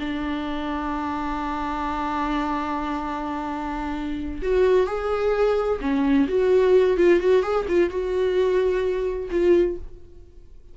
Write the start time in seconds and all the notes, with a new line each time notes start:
0.00 D4
4.42 F#4
4.87 G#4
5.81 C#4
6.29 F#4
6.97 F4
7.20 F#4
7.43 G#4
7.68 F4
7.90 F#4
9.31 F4